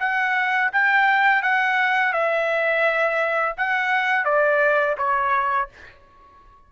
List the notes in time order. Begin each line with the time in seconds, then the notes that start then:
0.00 F#5
0.73 G5
1.43 F#5
2.13 E5
3.57 F#5
4.25 D5
4.98 C#5